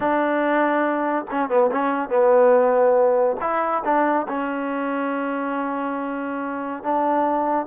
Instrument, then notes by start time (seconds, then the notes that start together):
trombone
0.00 D4
1.31 C#4
1.49 B3
1.71 C#4
2.09 B3
3.40 E4
3.84 D4
4.28 C#4
6.83 D4